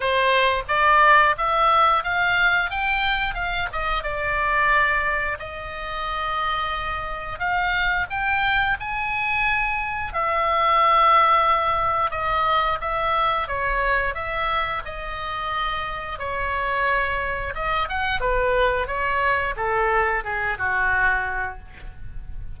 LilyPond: \new Staff \with { instrumentName = "oboe" } { \time 4/4 \tempo 4 = 89 c''4 d''4 e''4 f''4 | g''4 f''8 dis''8 d''2 | dis''2. f''4 | g''4 gis''2 e''4~ |
e''2 dis''4 e''4 | cis''4 e''4 dis''2 | cis''2 dis''8 fis''8 b'4 | cis''4 a'4 gis'8 fis'4. | }